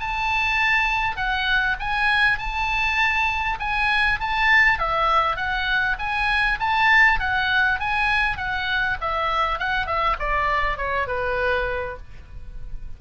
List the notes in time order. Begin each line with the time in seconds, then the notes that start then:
0.00 A5
1.16 F#5
1.79 G#5
2.38 A5
3.60 G#5
4.20 A5
4.79 E5
5.36 F#5
5.99 G#5
6.60 A5
7.20 F#5
7.80 G#5
8.37 F#5
9.01 E5
9.59 F#5
9.86 E5
10.19 D5
10.77 C#5
11.07 B4